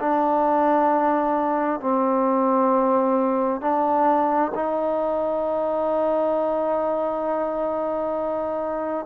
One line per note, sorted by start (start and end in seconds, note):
0.00 1.81 D4
1.81 3.62 C4
3.62 4.52 D4
4.55 9.06 D#4